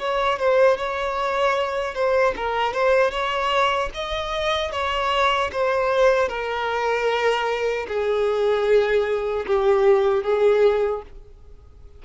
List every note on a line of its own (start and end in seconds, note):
0.00 0.39 C#5
0.39 0.78 C5
0.78 1.95 C#5
1.95 2.35 C5
2.36 2.74 A#4
2.74 3.11 C5
3.11 3.90 C#5
3.95 4.72 D#5
4.72 5.51 C#5
5.53 6.29 C5
6.29 7.87 A#4
7.88 9.46 G#4
9.47 10.24 G4
10.24 11.03 G#4